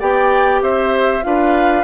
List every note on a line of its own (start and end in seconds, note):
0.00 0.62 B3
0.00 1.23 G4
0.00 0.61 D5
0.00 0.62 G5
0.62 1.23 C4
0.62 1.24 C5
0.62 1.24 E5
1.23 1.85 D4
1.23 1.84 F4
1.23 1.85 B4
1.23 1.85 F5